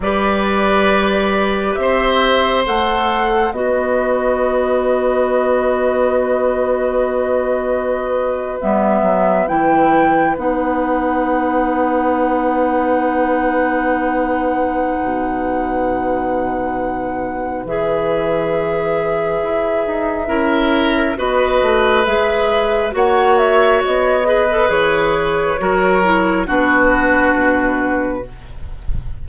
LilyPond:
<<
  \new Staff \with { instrumentName = "flute" } { \time 4/4 \tempo 4 = 68 d''2 e''4 fis''4 | dis''1~ | dis''4.~ dis''16 e''4 g''4 fis''16~ | fis''1~ |
fis''1 | e''1 | dis''4 e''4 fis''8 e''8 dis''4 | cis''2 b'2 | }
  \new Staff \with { instrumentName = "oboe" } { \time 4/4 b'2 c''2 | b'1~ | b'1~ | b'1~ |
b'1~ | b'2. ais'4 | b'2 cis''4. b'8~ | b'4 ais'4 fis'2 | }
  \new Staff \with { instrumentName = "clarinet" } { \time 4/4 g'2. a'4 | fis'1~ | fis'4.~ fis'16 b4 e'4 dis'16~ | dis'1~ |
dis'1 | gis'2. e'4 | fis'4 gis'4 fis'4. gis'16 a'16 | gis'4 fis'8 e'8 d'2 | }
  \new Staff \with { instrumentName = "bassoon" } { \time 4/4 g2 c'4 a4 | b1~ | b4.~ b16 g8 fis8 e4 b16~ | b1~ |
b4 b,2. | e2 e'8 dis'8 cis'4 | b8 a8 gis4 ais4 b4 | e4 fis4 b4 b,4 | }
>>